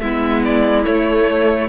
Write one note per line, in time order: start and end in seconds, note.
0.00 0.86 G#3
0.00 0.84 B3
0.00 1.69 E4
0.00 0.42 E5
0.45 0.85 D5
0.84 1.68 A3
0.84 1.69 A3
0.84 1.69 C#5